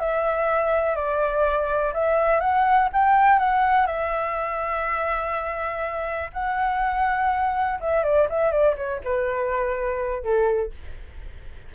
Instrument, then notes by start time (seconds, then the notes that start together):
flute
0.00 E5
0.96 D5
1.94 E5
2.40 F#5
2.93 G5
3.39 F#5
3.87 E5
6.33 F#5
7.81 E5
8.04 D5
8.30 E5
8.52 D5
8.77 C#5
9.05 B4
10.23 A4